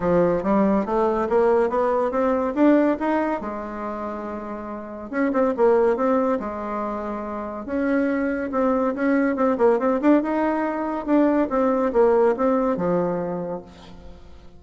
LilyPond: \new Staff \with { instrumentName = "bassoon" } { \time 4/4 \tempo 4 = 141 f4 g4 a4 ais4 | b4 c'4 d'4 dis'4 | gis1 | cis'8 c'8 ais4 c'4 gis4~ |
gis2 cis'2 | c'4 cis'4 c'8 ais8 c'8 d'8 | dis'2 d'4 c'4 | ais4 c'4 f2 | }